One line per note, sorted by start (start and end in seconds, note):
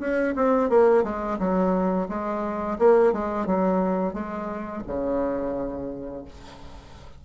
0.00 0.34 C#4
0.36 0.70 C4
0.70 1.04 A#3
1.04 1.38 G#3
1.39 2.08 F#3
2.09 2.78 G#3
2.79 3.13 A#3
3.13 3.46 G#3
3.46 4.14 F#3
4.14 4.83 G#3
4.87 6.25 C#3